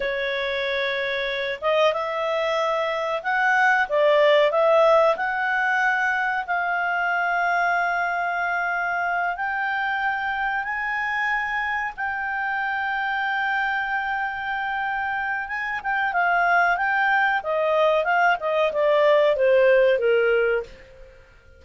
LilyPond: \new Staff \with { instrumentName = "clarinet" } { \time 4/4 \tempo 4 = 93 cis''2~ cis''8 dis''8 e''4~ | e''4 fis''4 d''4 e''4 | fis''2 f''2~ | f''2~ f''8 g''4.~ |
g''8 gis''2 g''4.~ | g''1 | gis''8 g''8 f''4 g''4 dis''4 | f''8 dis''8 d''4 c''4 ais'4 | }